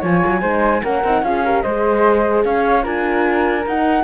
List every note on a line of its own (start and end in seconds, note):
0.00 0.23 F3
0.00 0.42 F4
0.00 0.40 C#5
0.00 0.84 G#5
0.26 0.42 F#3
0.42 0.82 G#3
0.42 0.82 D#4
0.42 0.82 C5
0.83 1.04 A#3
0.83 1.03 C#4
0.83 1.24 A#4
0.83 1.24 F#5
1.04 1.23 C4
1.04 1.24 D#4
1.23 1.63 C#4
1.23 1.44 F4
1.23 1.45 G#4
1.23 1.62 F5
1.45 1.65 G4
1.45 1.64 A#4
1.62 2.45 G#3
1.62 2.83 G#4
1.62 2.44 C5
1.62 2.43 D#5
2.44 2.85 C#4
2.44 2.84 C#5
2.44 2.85 F5
2.83 3.66 D4
2.83 3.64 F4
2.83 4.04 A#4
2.83 3.66 G#5
3.67 4.04 D#4
3.67 4.04 F#5